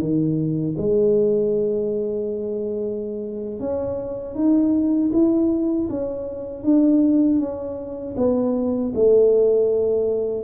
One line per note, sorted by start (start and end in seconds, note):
0.00 0.76 D#3
0.78 3.60 G#3
3.60 4.35 C#4
4.35 5.11 D#4
5.13 5.89 E4
5.90 6.64 C#4
6.64 7.39 D4
7.39 8.15 C#4
8.17 8.93 B3
8.95 10.44 A3